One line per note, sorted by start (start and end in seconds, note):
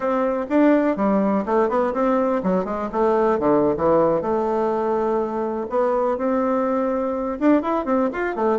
0.00 0.46 C4
0.49 0.96 D4
0.96 1.44 G3
1.45 1.69 A3
1.69 1.93 B3
1.93 2.42 C4
2.43 2.64 F#3
2.64 2.89 G#3
2.92 3.39 A3
3.39 3.75 D3
3.76 4.21 E3
4.21 5.67 A3
5.69 6.17 B3
6.17 7.38 C4
7.39 7.62 D4
7.62 7.85 E4
7.85 8.09 C4
8.12 8.35 F4
8.35 8.59 A3